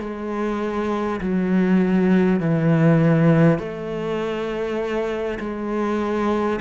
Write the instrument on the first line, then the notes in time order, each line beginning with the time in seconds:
cello
0.00 G#3
1.20 F#3
2.40 E3
3.58 A3
5.39 G#3